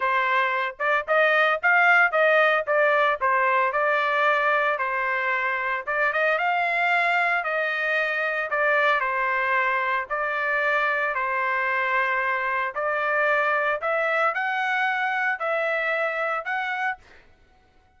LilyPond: \new Staff \with { instrumentName = "trumpet" } { \time 4/4 \tempo 4 = 113 c''4. d''8 dis''4 f''4 | dis''4 d''4 c''4 d''4~ | d''4 c''2 d''8 dis''8 | f''2 dis''2 |
d''4 c''2 d''4~ | d''4 c''2. | d''2 e''4 fis''4~ | fis''4 e''2 fis''4 | }